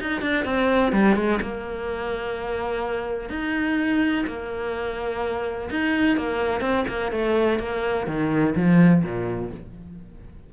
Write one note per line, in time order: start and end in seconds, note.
0.00 0.21 D#4
0.21 0.45 D4
0.45 0.92 C4
0.92 1.16 G3
1.16 1.39 G#3
1.41 3.29 A#3
3.29 4.24 D#4
4.26 5.69 A#3
5.70 6.17 D#4
6.17 6.61 A#3
6.61 6.84 C4
6.87 7.11 A#3
7.11 7.59 A3
7.59 8.06 A#3
8.06 8.54 D#3
8.55 9.03 F3
9.03 9.51 A#2